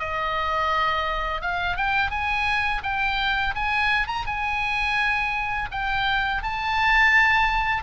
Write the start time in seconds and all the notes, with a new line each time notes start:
0.00 D#5
1.42 F5
1.77 G5
2.11 G#5
2.83 G5
3.56 G#5
4.08 A#5
4.27 G#5
5.72 G5
6.43 A5